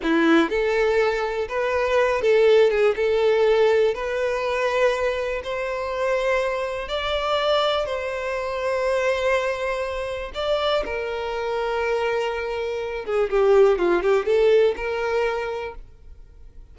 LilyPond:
\new Staff \with { instrumentName = "violin" } { \time 4/4 \tempo 4 = 122 e'4 a'2 b'4~ | b'8 a'4 gis'8 a'2 | b'2. c''4~ | c''2 d''2 |
c''1~ | c''4 d''4 ais'2~ | ais'2~ ais'8 gis'8 g'4 | f'8 g'8 a'4 ais'2 | }